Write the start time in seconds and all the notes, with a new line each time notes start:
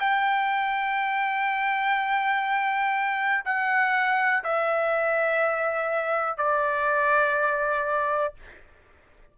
0.00 G5
3.45 F#5
4.44 E5
6.38 D5